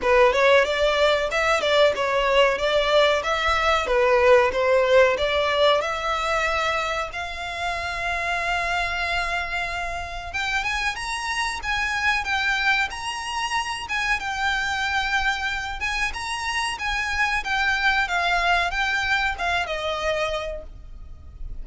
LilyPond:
\new Staff \with { instrumentName = "violin" } { \time 4/4 \tempo 4 = 93 b'8 cis''8 d''4 e''8 d''8 cis''4 | d''4 e''4 b'4 c''4 | d''4 e''2 f''4~ | f''1 |
g''8 gis''8 ais''4 gis''4 g''4 | ais''4. gis''8 g''2~ | g''8 gis''8 ais''4 gis''4 g''4 | f''4 g''4 f''8 dis''4. | }